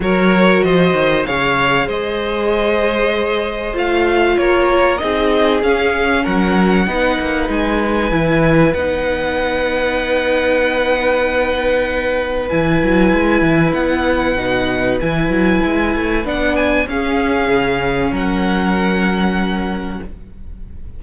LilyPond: <<
  \new Staff \with { instrumentName = "violin" } { \time 4/4 \tempo 4 = 96 cis''4 dis''4 f''4 dis''4~ | dis''2 f''4 cis''4 | dis''4 f''4 fis''2 | gis''2 fis''2~ |
fis''1 | gis''2 fis''2 | gis''2 fis''8 gis''8 f''4~ | f''4 fis''2. | }
  \new Staff \with { instrumentName = "violin" } { \time 4/4 ais'4 c''4 cis''4 c''4~ | c''2. ais'4 | gis'2 ais'4 b'4~ | b'1~ |
b'1~ | b'1~ | b'2. gis'4~ | gis'4 ais'2. | }
  \new Staff \with { instrumentName = "viola" } { \time 4/4 fis'2 gis'2~ | gis'2 f'2 | dis'4 cis'2 dis'4~ | dis'4 e'4 dis'2~ |
dis'1 | e'2. dis'4 | e'2 d'4 cis'4~ | cis'1 | }
  \new Staff \with { instrumentName = "cello" } { \time 4/4 fis4 f8 dis8 cis4 gis4~ | gis2 a4 ais4 | c'4 cis'4 fis4 b8 ais8 | gis4 e4 b2~ |
b1 | e8 fis8 gis8 e8 b4 b,4 | e8 fis8 gis8 a8 b4 cis'4 | cis4 fis2. | }
>>